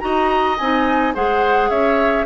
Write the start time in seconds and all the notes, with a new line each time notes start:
0.00 D#4 F#4 D#5 A#5
0.58 C4 D#4 G#5
1.14 G#3 G#4 C5 F#5
1.70 C#4 C#5 E5